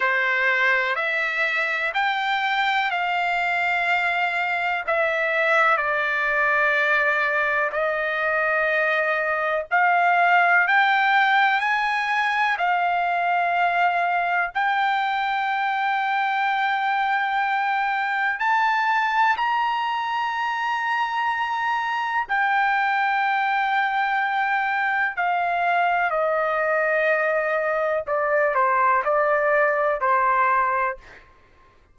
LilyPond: \new Staff \with { instrumentName = "trumpet" } { \time 4/4 \tempo 4 = 62 c''4 e''4 g''4 f''4~ | f''4 e''4 d''2 | dis''2 f''4 g''4 | gis''4 f''2 g''4~ |
g''2. a''4 | ais''2. g''4~ | g''2 f''4 dis''4~ | dis''4 d''8 c''8 d''4 c''4 | }